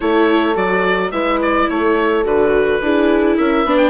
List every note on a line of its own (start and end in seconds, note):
0.00 0.55 A3
0.00 0.54 E4
0.00 1.12 A4
0.00 0.56 C#5
0.54 1.11 F#3
0.54 1.10 F#4
0.54 1.11 D5
1.11 1.67 G#3
1.11 2.24 E4
1.11 1.68 B4
1.11 1.39 E5
1.41 1.69 D5
1.69 2.24 A3
1.69 2.83 A4
1.69 2.25 C#5
2.24 2.80 D3
2.24 2.80 F#4
2.24 3.37 B4
2.81 3.37 D4
2.81 3.67 E4
2.81 3.37 G#4
3.37 3.64 C#4
3.37 3.64 A#4
3.37 3.77 E5
3.64 3.89 B3
3.64 3.89 D4
3.64 3.89 B4
3.77 3.89 G5